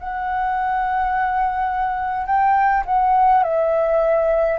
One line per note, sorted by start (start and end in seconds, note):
0.00 2.26 F#5
2.26 2.84 G5
2.86 3.44 F#5
3.44 4.59 E5